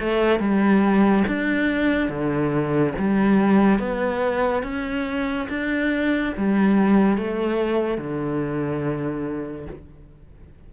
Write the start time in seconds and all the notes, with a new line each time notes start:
0.00 A3
0.40 G3
1.28 D4
2.09 D3
2.99 G3
3.79 B3
4.63 C#4
5.49 D4
6.37 G3
7.18 A3
7.98 D3